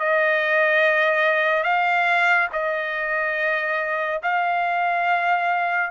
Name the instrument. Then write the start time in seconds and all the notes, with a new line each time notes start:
trumpet
0.00 D#5
1.64 F5
2.53 D#5
4.23 F5